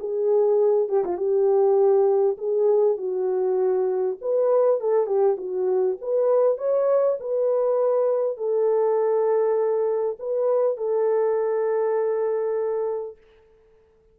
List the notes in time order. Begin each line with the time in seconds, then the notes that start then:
0.00 G#4
0.89 G4
1.05 F4
1.18 G4
2.38 G#4
2.98 F#4
4.22 B4
4.81 A4
5.07 G4
5.38 F#4
6.02 B4
6.58 C#5
7.21 B4
8.38 A4
10.20 B4
10.78 A4